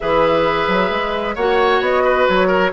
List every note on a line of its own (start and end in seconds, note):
0.00 0.67 E3
0.00 1.37 G#4
0.00 1.35 B4
0.00 1.36 E5
0.67 0.90 F#3
0.90 1.35 G#3
1.35 1.81 A#3
1.35 2.72 F#4
1.35 2.03 C#5
1.35 1.81 F#5
1.81 2.26 B3
1.81 2.27 D#5
2.04 2.47 B4
2.28 2.72 F#3
2.28 2.72 C#5
2.47 2.70 A#4